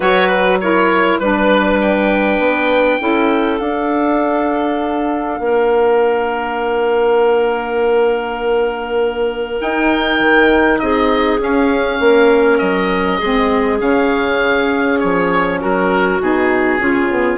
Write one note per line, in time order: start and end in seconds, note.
0.00 1.19 F#3
0.00 0.59 F#4
0.00 0.59 B4
0.00 0.28 C#5
0.28 0.58 B4
0.60 1.21 E4
0.60 1.21 A#4
0.60 1.19 C#5
1.19 2.39 G3
1.19 2.99 D4
1.19 1.79 B4
1.19 3.01 B4
1.81 3.59 G5
2.39 2.98 B3
2.99 3.60 C#4
2.99 3.59 E4
2.99 5.41 A4
3.59 9.58 D4
3.59 5.39 D4
3.59 9.59 F5
5.39 9.59 A#3
5.39 10.81 A#4
9.58 11.38 D#4
9.58 10.19 D#4
9.58 10.79 G5
10.19 10.79 D#3
10.79 11.39 C4
10.79 12.00 G#4
10.79 11.39 D#5
11.39 11.99 C#4
11.39 13.19 C#4
11.39 12.58 F5
12.00 12.60 A#3
12.00 13.18 A#4
12.58 13.20 F#3
12.58 13.78 D#5
13.18 13.81 G#3
13.18 13.78 C4
13.18 15.58 G#4
13.78 15.01 C#3
13.78 16.18 C#4
13.78 14.99 F5
14.99 15.63 F3
14.99 15.59 C#5
15.60 16.20 F#3
15.60 16.80 F#4
15.60 16.21 A#4
16.20 16.79 B2
16.20 16.78 D#4
16.20 17.37 G#4
16.78 17.37 C#3
16.78 17.08 C#4
16.78 17.37 F4
17.10 17.37 B3